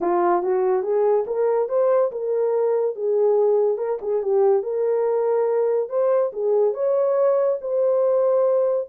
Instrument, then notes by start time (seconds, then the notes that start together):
horn
0.00 F4
0.42 F#4
0.82 G#4
1.27 A#4
1.69 C5
2.11 A#4
2.95 G#4
3.77 A#4
4.01 G#4
4.22 G4
4.62 A#4
5.89 C5
6.32 G#4
6.74 C#5
7.61 C5